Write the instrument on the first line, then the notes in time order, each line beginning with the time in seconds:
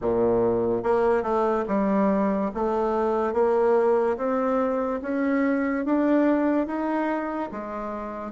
bassoon
0.01 A#2
0.83 A#3
1.22 A3
1.67 G3
2.54 A3
3.33 A#3
4.17 C4
5.02 C#4
5.85 D4
6.66 D#4
7.51 G#3